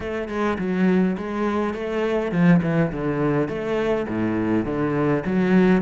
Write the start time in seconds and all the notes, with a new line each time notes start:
0.00 A3
0.28 G#3
0.58 F#3
1.17 G#3
1.74 A3
2.31 F3
2.62 E3
2.92 D3
3.48 A3
4.08 A2
4.65 D3
5.25 F#3